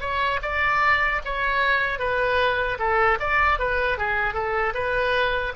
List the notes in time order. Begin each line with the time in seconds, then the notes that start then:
0.00 C#5
0.42 D5
1.25 C#5
1.98 B4
2.78 A4
3.19 D5
3.58 B4
3.98 G#4
4.33 A4
4.74 B4